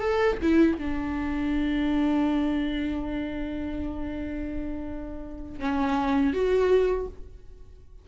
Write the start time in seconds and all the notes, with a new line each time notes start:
0.00 A4
0.42 E4
0.78 D4
5.59 C#4
6.33 F#4